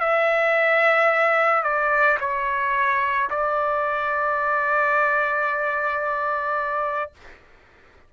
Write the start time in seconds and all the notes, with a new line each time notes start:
0.00 E5
1.63 D5
2.20 C#5
3.30 D5